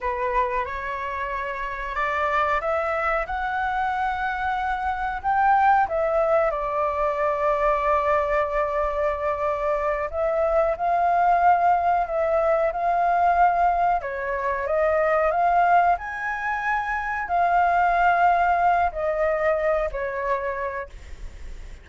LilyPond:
\new Staff \with { instrumentName = "flute" } { \time 4/4 \tempo 4 = 92 b'4 cis''2 d''4 | e''4 fis''2. | g''4 e''4 d''2~ | d''2.~ d''8 e''8~ |
e''8 f''2 e''4 f''8~ | f''4. cis''4 dis''4 f''8~ | f''8 gis''2 f''4.~ | f''4 dis''4. cis''4. | }